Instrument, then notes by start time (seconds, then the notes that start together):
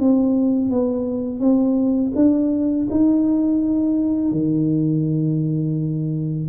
tuba
0.00 C4
0.70 B3
1.40 C4
2.16 D4
2.91 D#4
4.32 D#3